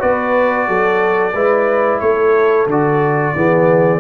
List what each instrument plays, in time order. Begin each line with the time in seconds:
0.00 tuba B3, trombone F#4, horn B4, trumpet D5
0.69 tuba F#3, horn A4
1.34 tuba G#3, trombone E4, horn B4
2.00 tuba A3, horn A4, trumpet C#5
2.67 tuba D3, trombone F#4, trumpet D5
3.36 tuba E3, trombone B3, horn G#4